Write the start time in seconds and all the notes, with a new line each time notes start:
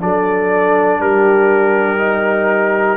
0.00 F#3 D4 A4 D5
1.00 G3 G4 A#4
1.99 D#4